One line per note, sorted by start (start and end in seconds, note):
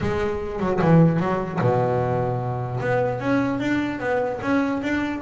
0.00 0.60 G#3
0.60 0.80 F#3
0.81 1.19 E3
1.19 1.59 F#3
1.60 2.80 B2
2.80 3.20 B3
3.20 3.59 C#4
3.59 3.99 D4
3.99 4.39 B3
4.41 4.81 C#4
4.82 5.21 D4